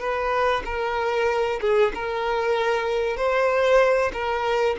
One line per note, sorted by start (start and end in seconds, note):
0.00 0.63 B4
0.65 1.60 A#4
1.61 1.93 G#4
1.95 3.17 A#4
3.17 4.12 C5
4.13 4.77 A#4